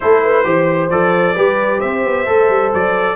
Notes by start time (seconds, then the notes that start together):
0.00 A3 E4 A4 C5
0.23 B4
0.43 E3 G4 C5
0.90 F3 A4 D5
1.35 G3 G4 B4
1.79 C4 C5 E5
2.04 B3
2.26 A3 A4
2.49 G3
2.73 F#3 D5